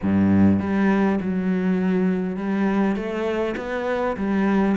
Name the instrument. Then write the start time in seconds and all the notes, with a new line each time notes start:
cello
0.02 G2
0.59 G3
1.20 F#3
2.36 G3
2.95 A3
3.56 B3
4.16 G3